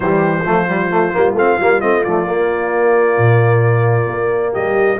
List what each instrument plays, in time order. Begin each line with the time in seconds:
0.00 tuba E3, trombone G3, horn G4, trumpet C5
0.43 tuba F3, trombone A3, horn F4
0.68 trombone G3
0.90 trombone A3
1.12 tuba G3, trombone A#3
1.33 tuba A3, trombone C4, trumpet F5
1.59 tuba G3, trombone A#3
1.80 tuba A3, trombone C4, trumpet D#5
2.04 tuba F3, trombone A3, trumpet D5
2.26 trombone A#3, tuba A#3
3.17 tuba A#2
4.07 tuba A#3
4.52 tuba G3, horn G4, trumpet D#5